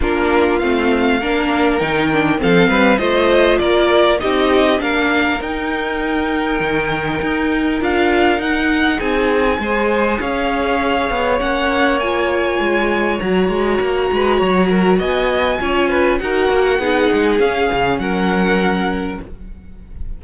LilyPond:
<<
  \new Staff \with { instrumentName = "violin" } { \time 4/4 \tempo 4 = 100 ais'4 f''2 g''4 | f''4 dis''4 d''4 dis''4 | f''4 g''2.~ | g''4 f''4 fis''4 gis''4~ |
gis''4 f''2 fis''4 | gis''2 ais''2~ | ais''4 gis''2 fis''4~ | fis''4 f''4 fis''2 | }
  \new Staff \with { instrumentName = "violin" } { \time 4/4 f'2 ais'2 | a'8 b'8 c''4 ais'4 g'4 | ais'1~ | ais'2. gis'4 |
c''4 cis''2.~ | cis''2.~ cis''8 b'8 | cis''8 ais'8 dis''4 cis''8 b'8 ais'4 | gis'2 ais'2 | }
  \new Staff \with { instrumentName = "viola" } { \time 4/4 d'4 c'4 d'4 dis'8 d'8 | c'4 f'2 dis'4 | d'4 dis'2.~ | dis'4 f'4 dis'2 |
gis'2. cis'4 | f'2 fis'2~ | fis'2 f'4 fis'4 | dis'4 cis'2. | }
  \new Staff \with { instrumentName = "cello" } { \time 4/4 ais4 a4 ais4 dis4 | f8 g8 a4 ais4 c'4 | ais4 dis'2 dis4 | dis'4 d'4 dis'4 c'4 |
gis4 cis'4. b8 ais4~ | ais4 gis4 fis8 gis8 ais8 gis8 | fis4 b4 cis'4 dis'8 ais8 | b8 gis8 cis'8 cis8 fis2 | }
>>